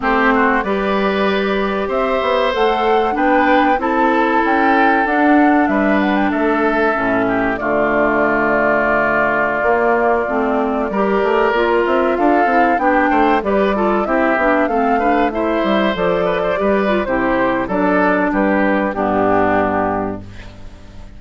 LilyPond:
<<
  \new Staff \with { instrumentName = "flute" } { \time 4/4 \tempo 4 = 95 c''4 d''2 e''4 | fis''4 g''4 a''4 g''4 | fis''4 e''8 fis''16 g''16 e''2 | d''1~ |
d''2~ d''8. e''8 f''8.~ | f''16 g''4 d''4 e''4 f''8.~ | f''16 e''4 d''4.~ d''16 c''4 | d''4 b'4 g'2 | }
  \new Staff \with { instrumentName = "oboe" } { \time 4/4 g'8 fis'8 b'2 c''4~ | c''4 b'4 a'2~ | a'4 b'4 a'4. g'8 | f'1~ |
f'4~ f'16 ais'2 a'8.~ | a'16 g'8 c''8 b'8 a'8 g'4 a'8 b'16~ | b'16 c''4. b'16 c''16 b'8. g'4 | a'4 g'4 d'2 | }
  \new Staff \with { instrumentName = "clarinet" } { \time 4/4 c'4 g'2. | a'4 d'4 e'2 | d'2. cis'4 | a2.~ a16 ais8.~ |
ais16 c'4 g'4 f'4. e'16~ | e'16 d'4 g'8 f'8 e'8 d'8 c'8 d'16~ | d'16 e'4 a'4 g'8 f'16 e'4 | d'2 b2 | }
  \new Staff \with { instrumentName = "bassoon" } { \time 4/4 a4 g2 c'8 b8 | a4 b4 c'4 cis'4 | d'4 g4 a4 a,4 | d2.~ d16 ais8.~ |
ais16 a4 g8 a8 ais8 c'8 d'8 c'16~ | c'16 b8 a8 g4 c'8 b8 a8.~ | a8. g8 f4 g8. c4 | fis4 g4 g,2 | }
>>